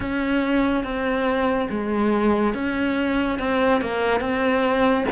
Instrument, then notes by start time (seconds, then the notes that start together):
cello
0.00 C#4
0.84 C4
1.70 G#3
2.54 C#4
3.38 C4
3.81 A#3
4.20 C4